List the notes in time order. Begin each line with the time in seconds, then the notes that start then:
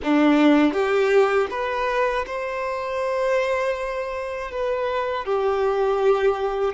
0.03 D4
0.72 G4
1.50 B4
2.26 C5
4.51 B4
5.25 G4